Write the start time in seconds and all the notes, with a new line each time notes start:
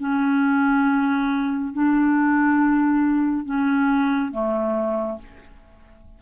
0.00 C#4
1.74 D4
3.45 C#4
4.32 A3